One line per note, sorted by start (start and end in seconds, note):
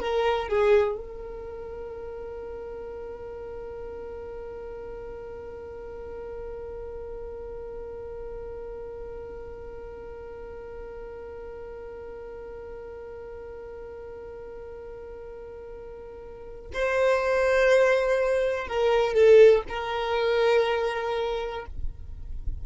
0.00 0.49 A#4
0.49 0.97 G#4
0.97 16.71 A#4
16.74 18.68 C5
18.68 19.14 A#4
19.14 19.63 A4
19.69 21.66 A#4